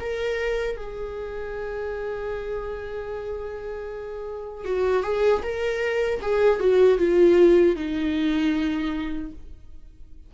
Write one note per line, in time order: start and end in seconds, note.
0.00 0.77 A#4
0.77 4.65 G#4
4.65 5.03 F#4
5.03 5.42 G#4
5.43 6.21 A#4
6.21 6.60 G#4
6.60 6.98 F#4
6.98 7.76 F4
7.76 9.32 D#4